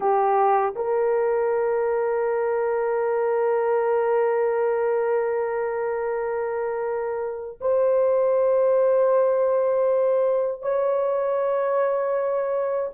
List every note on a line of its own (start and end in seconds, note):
0.00 0.74 G4
0.75 7.59 A#4
7.61 10.62 C5
10.62 12.89 C#5